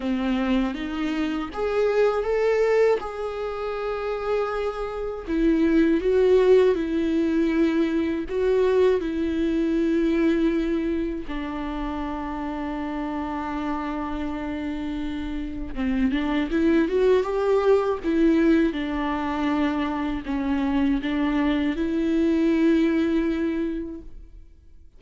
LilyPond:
\new Staff \with { instrumentName = "viola" } { \time 4/4 \tempo 4 = 80 c'4 dis'4 gis'4 a'4 | gis'2. e'4 | fis'4 e'2 fis'4 | e'2. d'4~ |
d'1~ | d'4 c'8 d'8 e'8 fis'8 g'4 | e'4 d'2 cis'4 | d'4 e'2. | }